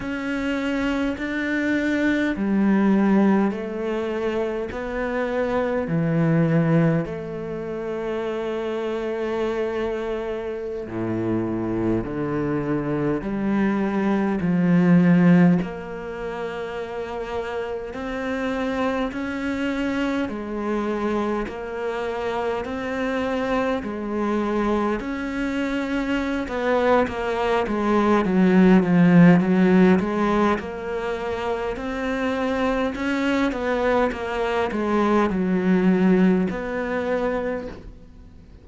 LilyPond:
\new Staff \with { instrumentName = "cello" } { \time 4/4 \tempo 4 = 51 cis'4 d'4 g4 a4 | b4 e4 a2~ | a4~ a16 a,4 d4 g8.~ | g16 f4 ais2 c'8.~ |
c'16 cis'4 gis4 ais4 c'8.~ | c'16 gis4 cis'4~ cis'16 b8 ais8 gis8 | fis8 f8 fis8 gis8 ais4 c'4 | cis'8 b8 ais8 gis8 fis4 b4 | }